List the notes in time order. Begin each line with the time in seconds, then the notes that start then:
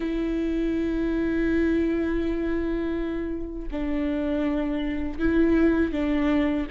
0.00 E4
3.71 D4
5.19 E4
5.92 D4